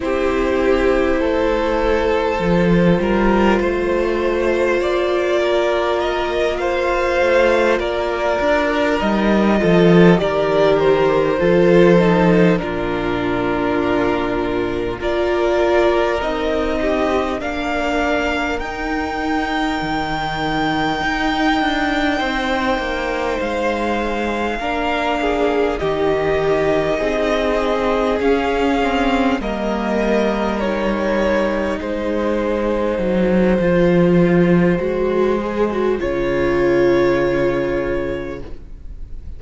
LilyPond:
<<
  \new Staff \with { instrumentName = "violin" } { \time 4/4 \tempo 4 = 50 c''1 | d''4 dis''8 f''4 d''4 dis''8~ | dis''8 d''8 c''4. ais'4.~ | ais'8 d''4 dis''4 f''4 g''8~ |
g''2.~ g''8 f''8~ | f''4. dis''2 f''8~ | f''8 dis''4 cis''4 c''4.~ | c''2 cis''2 | }
  \new Staff \with { instrumentName = "violin" } { \time 4/4 g'4 a'4. ais'8 c''4~ | c''8 ais'4 c''4 ais'4. | a'8 ais'4 a'4 f'4.~ | f'8 ais'4. g'8 ais'4.~ |
ais'2~ ais'8 c''4.~ | c''8 ais'8 gis'8 g'4 gis'4.~ | gis'8 ais'2 gis'4.~ | gis'1 | }
  \new Staff \with { instrumentName = "viola" } { \time 4/4 e'2 f'2~ | f'2.~ f'8 dis'8 | f'8 g'4 f'8 dis'8 d'4.~ | d'8 f'4 dis'4 d'4 dis'8~ |
dis'1~ | dis'8 d'4 dis'2 cis'8 | c'8 ais4 dis'2~ dis'8 | f'4 fis'8 gis'16 fis'16 f'2 | }
  \new Staff \with { instrumentName = "cello" } { \time 4/4 c'4 a4 f8 g8 a4 | ais2 a8 ais8 d'8 g8 | f8 dis4 f4 ais,4.~ | ais,8 ais4 c'4 ais4 dis'8~ |
dis'8 dis4 dis'8 d'8 c'8 ais8 gis8~ | gis8 ais4 dis4 c'4 cis'8~ | cis'8 g2 gis4 fis8 | f4 gis4 cis2 | }
>>